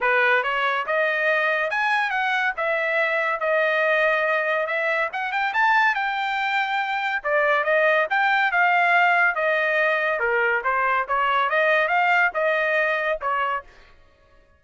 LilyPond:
\new Staff \with { instrumentName = "trumpet" } { \time 4/4 \tempo 4 = 141 b'4 cis''4 dis''2 | gis''4 fis''4 e''2 | dis''2. e''4 | fis''8 g''8 a''4 g''2~ |
g''4 d''4 dis''4 g''4 | f''2 dis''2 | ais'4 c''4 cis''4 dis''4 | f''4 dis''2 cis''4 | }